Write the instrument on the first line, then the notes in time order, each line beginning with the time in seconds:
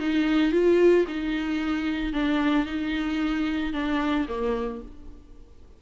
viola
0.00 D#4
0.52 F4
1.08 D#4
2.13 D4
2.66 D#4
3.73 D4
4.28 A#3